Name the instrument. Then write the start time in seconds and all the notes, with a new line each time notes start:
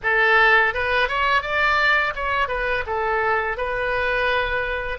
oboe
0.03 A4
0.74 B4
1.08 C#5
1.42 D5
2.15 C#5
2.48 B4
2.86 A4
3.57 B4